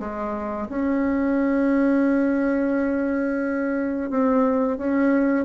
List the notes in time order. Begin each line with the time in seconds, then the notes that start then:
0.00 G#3
0.70 C#4
4.11 C4
4.78 C#4